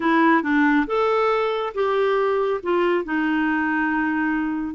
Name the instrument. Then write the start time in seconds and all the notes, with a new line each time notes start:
clarinet
0.00 E4
0.42 D4
0.86 A4
1.74 G4
2.63 F4
3.04 D#4